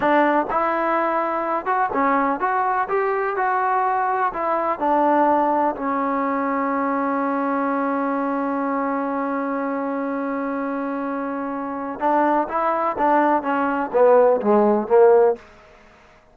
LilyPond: \new Staff \with { instrumentName = "trombone" } { \time 4/4 \tempo 4 = 125 d'4 e'2~ e'8 fis'8 | cis'4 fis'4 g'4 fis'4~ | fis'4 e'4 d'2 | cis'1~ |
cis'1~ | cis'1~ | cis'4 d'4 e'4 d'4 | cis'4 b4 gis4 ais4 | }